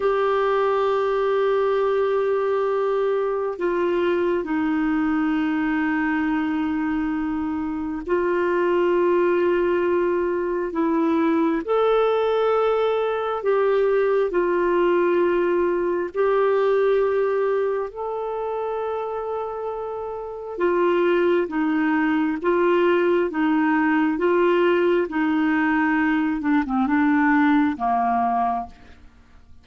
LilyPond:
\new Staff \with { instrumentName = "clarinet" } { \time 4/4 \tempo 4 = 67 g'1 | f'4 dis'2.~ | dis'4 f'2. | e'4 a'2 g'4 |
f'2 g'2 | a'2. f'4 | dis'4 f'4 dis'4 f'4 | dis'4. d'16 c'16 d'4 ais4 | }